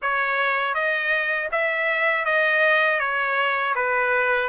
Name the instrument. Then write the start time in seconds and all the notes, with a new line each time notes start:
trumpet
0.01 C#5
0.74 D#5
1.51 E5
2.25 D#5
2.99 C#5
3.75 B4